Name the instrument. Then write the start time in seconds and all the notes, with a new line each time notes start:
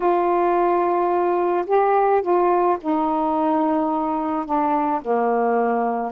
saxophone
0.00 F4
1.66 G4
2.21 F4
2.80 D#4
4.45 D4
5.01 A#3